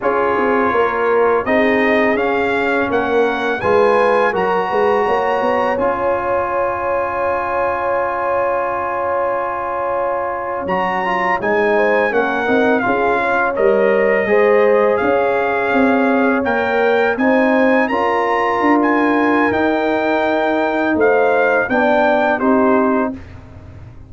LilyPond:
<<
  \new Staff \with { instrumentName = "trumpet" } { \time 4/4 \tempo 4 = 83 cis''2 dis''4 f''4 | fis''4 gis''4 ais''2 | gis''1~ | gis''2~ gis''8. ais''4 gis''16~ |
gis''8. fis''4 f''4 dis''4~ dis''16~ | dis''8. f''2 g''4 gis''16~ | gis''8. ais''4~ ais''16 gis''4 g''4~ | g''4 f''4 g''4 c''4 | }
  \new Staff \with { instrumentName = "horn" } { \time 4/4 gis'4 ais'4 gis'2 | ais'4 b'4 ais'8 b'8 cis''4~ | cis''1~ | cis''1~ |
cis''16 c''8 ais'4 gis'8 cis''4. c''16~ | c''8. cis''2. c''16~ | c''8. ais'2.~ ais'16~ | ais'4 c''4 d''4 g'4 | }
  \new Staff \with { instrumentName = "trombone" } { \time 4/4 f'2 dis'4 cis'4~ | cis'4 f'4 fis'2 | f'1~ | f'2~ f'8. fis'8 f'8 dis'16~ |
dis'8. cis'8 dis'8 f'4 ais'4 gis'16~ | gis'2~ gis'8. ais'4 dis'16~ | dis'8. f'2~ f'16 dis'4~ | dis'2 d'4 dis'4 | }
  \new Staff \with { instrumentName = "tuba" } { \time 4/4 cis'8 c'8 ais4 c'4 cis'4 | ais4 gis4 fis8 gis8 ais8 b8 | cis'1~ | cis'2~ cis'8. fis4 gis16~ |
gis8. ais8 c'8 cis'4 g4 gis16~ | gis8. cis'4 c'4 ais4 c'16~ | c'8. cis'4 d'4~ d'16 dis'4~ | dis'4 a4 b4 c'4 | }
>>